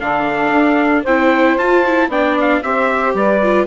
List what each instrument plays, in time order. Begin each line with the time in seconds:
0.00 bassoon D3, viola D4, saxophone A4, trumpet F5
0.51 bassoon D4
1.03 bassoon C4, viola E4, saxophone C5, trumpet G5
1.57 bassoon F4, viola F4, trumpet A5
1.86 viola E4
2.08 bassoon B3, viola D4, saxophone D5, trumpet G5
2.41 trumpet F5
2.63 bassoon C4, viola G4, saxophone C5, trumpet E5
3.14 bassoon G3, saxophone B4, trumpet D5
3.43 viola F4